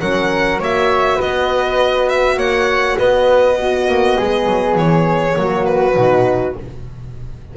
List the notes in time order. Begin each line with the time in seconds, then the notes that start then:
0.00 F#3 C#4 A#4 F#5
0.59 A#3 F#4 C#5 E5
1.16 B3 B4 D#5
2.09 E5
2.36 A#3 C#5 F#5
2.98 B3 B4 D#5
3.58 B3 F#4
3.88 A#3
4.17 G#3 G#4
4.46 F#3
4.75 E3 C#5
5.34 F#3 A#3 F#4
5.65 B4
5.95 B2 D#4